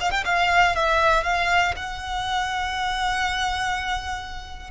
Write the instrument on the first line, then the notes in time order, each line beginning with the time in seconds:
violin
0.00 F5
0.11 G5
0.25 F5
0.75 E5
1.23 F5
1.76 F#5